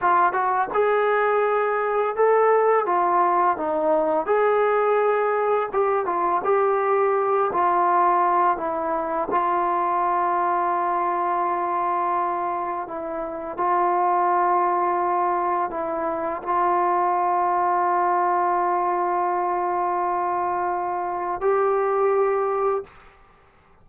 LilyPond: \new Staff \with { instrumentName = "trombone" } { \time 4/4 \tempo 4 = 84 f'8 fis'8 gis'2 a'4 | f'4 dis'4 gis'2 | g'8 f'8 g'4. f'4. | e'4 f'2.~ |
f'2 e'4 f'4~ | f'2 e'4 f'4~ | f'1~ | f'2 g'2 | }